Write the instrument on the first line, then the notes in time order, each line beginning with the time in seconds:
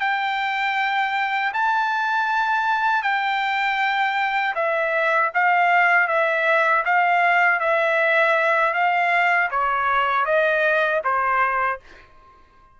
trumpet
0.00 G5
1.53 A5
3.02 G5
4.55 E5
5.34 F5
6.08 E5
6.85 F5
7.59 E5
8.74 F5
9.50 C#5
10.25 D#5
11.04 C5